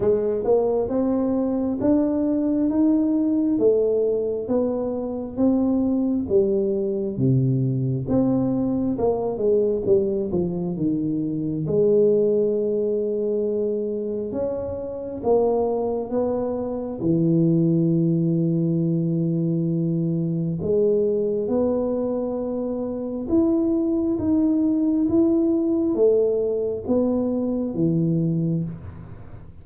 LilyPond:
\new Staff \with { instrumentName = "tuba" } { \time 4/4 \tempo 4 = 67 gis8 ais8 c'4 d'4 dis'4 | a4 b4 c'4 g4 | c4 c'4 ais8 gis8 g8 f8 | dis4 gis2. |
cis'4 ais4 b4 e4~ | e2. gis4 | b2 e'4 dis'4 | e'4 a4 b4 e4 | }